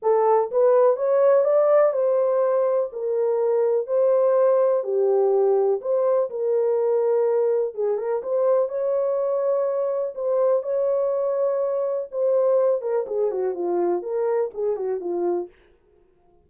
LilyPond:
\new Staff \with { instrumentName = "horn" } { \time 4/4 \tempo 4 = 124 a'4 b'4 cis''4 d''4 | c''2 ais'2 | c''2 g'2 | c''4 ais'2. |
gis'8 ais'8 c''4 cis''2~ | cis''4 c''4 cis''2~ | cis''4 c''4. ais'8 gis'8 fis'8 | f'4 ais'4 gis'8 fis'8 f'4 | }